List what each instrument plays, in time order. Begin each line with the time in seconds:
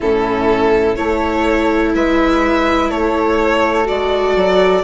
0.00 bassoon A2, viola C#4, flute E4, violin A4
0.95 bassoon A3, viola E4, flute A4, violin C#5
1.94 bassoon G#3, flute B4, violin E5
2.90 bassoon A3, flute A4, violin C#5
3.84 bassoon G#3, viola F#4, violin D5
4.35 bassoon F#3